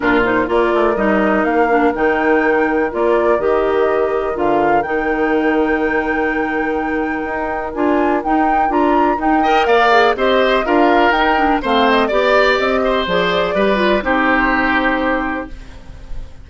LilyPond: <<
  \new Staff \with { instrumentName = "flute" } { \time 4/4 \tempo 4 = 124 ais'8 c''8 d''4 dis''4 f''4 | g''2 d''4 dis''4~ | dis''4 f''4 g''2~ | g''1 |
gis''4 g''4 ais''4 g''4 | f''4 dis''4 f''4 g''4 | f''8 dis''8 d''4 dis''4 d''4~ | d''4 c''2. | }
  \new Staff \with { instrumentName = "oboe" } { \time 4/4 f'4 ais'2.~ | ais'1~ | ais'1~ | ais'1~ |
ais'2.~ ais'8 dis''8 | d''4 c''4 ais'2 | c''4 d''4. c''4. | b'4 g'2. | }
  \new Staff \with { instrumentName = "clarinet" } { \time 4/4 d'8 dis'8 f'4 dis'4. d'8 | dis'2 f'4 g'4~ | g'4 f'4 dis'2~ | dis'1 |
f'4 dis'4 f'4 dis'8 ais'8~ | ais'8 gis'8 g'4 f'4 dis'8 d'8 | c'4 g'2 gis'4 | g'8 f'8 dis'2. | }
  \new Staff \with { instrumentName = "bassoon" } { \time 4/4 ais,4 ais8 a8 g4 ais4 | dis2 ais4 dis4~ | dis4 d4 dis2~ | dis2. dis'4 |
d'4 dis'4 d'4 dis'4 | ais4 c'4 d'4 dis'4 | a4 b4 c'4 f4 | g4 c'2. | }
>>